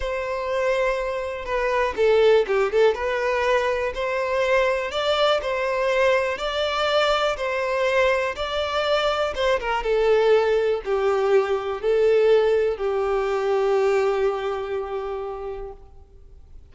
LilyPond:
\new Staff \with { instrumentName = "violin" } { \time 4/4 \tempo 4 = 122 c''2. b'4 | a'4 g'8 a'8 b'2 | c''2 d''4 c''4~ | c''4 d''2 c''4~ |
c''4 d''2 c''8 ais'8 | a'2 g'2 | a'2 g'2~ | g'1 | }